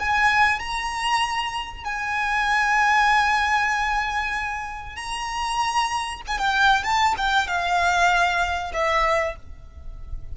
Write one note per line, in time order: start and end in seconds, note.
0.00 0.60 G#5
0.60 1.85 A#5
1.85 4.97 G#5
4.97 6.22 A#5
6.27 6.39 G#5
6.39 6.84 G5
6.84 7.15 A5
7.18 7.48 G5
7.48 8.73 F5
8.74 9.36 E5